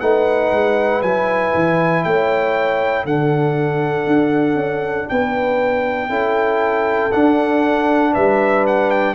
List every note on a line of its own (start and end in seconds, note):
0.00 0.52 A3
0.00 1.03 D#4
0.00 2.04 B4
0.00 1.02 F#5
0.52 1.02 G#3
1.02 1.53 F#3
1.02 3.06 E4
1.02 2.04 G#5
1.54 2.04 E3
2.04 3.05 A3
2.04 3.04 C#5
2.04 3.05 G5
3.04 4.07 D3
3.04 6.09 D4
3.04 5.08 A4
3.04 5.09 F#5
4.07 4.55 D4
4.55 5.06 C#4
5.09 6.09 B3
5.09 6.09 B4
5.09 7.12 G5
6.09 7.11 C#4
6.09 7.11 E4
6.09 8.12 A4
7.12 9.14 D4
7.12 8.15 D4
7.12 8.14 F#5
8.12 9.14 G3
8.12 9.14 B4
8.12 8.65 E5
8.67 8.90 F#5
8.90 9.14 G5